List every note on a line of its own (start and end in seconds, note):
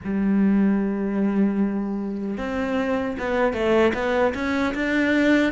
0.04 2.37 G3
2.37 3.16 C4
3.18 3.53 B3
3.53 3.93 A3
3.94 4.33 B3
4.34 4.74 C#4
4.74 5.52 D4